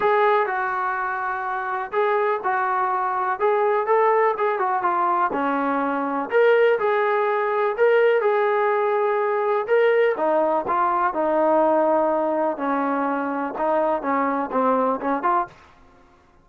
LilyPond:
\new Staff \with { instrumentName = "trombone" } { \time 4/4 \tempo 4 = 124 gis'4 fis'2. | gis'4 fis'2 gis'4 | a'4 gis'8 fis'8 f'4 cis'4~ | cis'4 ais'4 gis'2 |
ais'4 gis'2. | ais'4 dis'4 f'4 dis'4~ | dis'2 cis'2 | dis'4 cis'4 c'4 cis'8 f'8 | }